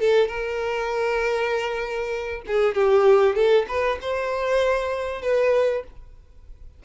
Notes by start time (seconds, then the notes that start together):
0.00 A4
0.28 A#4
2.47 G#4
2.74 G4
3.35 A4
3.68 B4
4.01 C5
5.22 B4